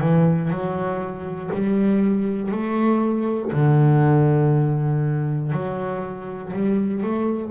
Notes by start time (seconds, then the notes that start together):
0.00 E3
0.50 F#3
1.53 G3
2.51 A3
3.52 D3
5.52 F#3
6.53 G3
7.03 A3